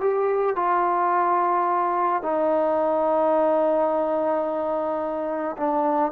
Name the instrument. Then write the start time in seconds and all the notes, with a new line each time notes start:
trombone
0.00 G4
0.56 F4
2.22 D#4
5.57 D4